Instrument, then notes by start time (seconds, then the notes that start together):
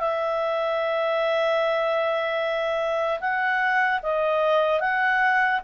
clarinet
0.00 E5
3.20 F#5
4.03 D#5
4.81 F#5